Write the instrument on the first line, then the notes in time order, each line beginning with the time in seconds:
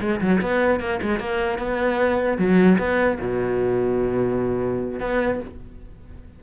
cello
0.00 G#3
0.20 F#3
0.41 B3
0.80 A#3
1.02 G#3
1.19 A#3
1.58 B3
2.37 F#3
2.78 B3
3.20 B2
4.99 B3